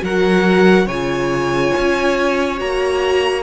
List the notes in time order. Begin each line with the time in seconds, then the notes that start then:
0.00 F#3 F#4 A#4 F#5
0.86 C#3 F4 C#5 G#5
1.77 C#4
2.56 A#3 F#4 A#5